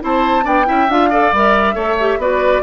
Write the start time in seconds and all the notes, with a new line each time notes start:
0.00 C4 E4 C5 A5
0.42 B3 D4 D5 G5
0.66 C#4 E4 E5
0.89 D4 F4 F5
1.10 A4 D5
1.33 G3 A#4 E5
1.74 A3 A4 C#5
2.00 G4
2.18 B3 F#4 B4 D5